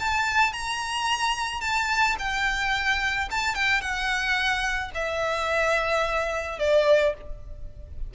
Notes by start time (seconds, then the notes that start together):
0.00 A5
0.54 A#5
1.61 A5
2.19 G5
3.31 A5
3.55 G5
3.82 F#5
4.95 E5
6.59 D5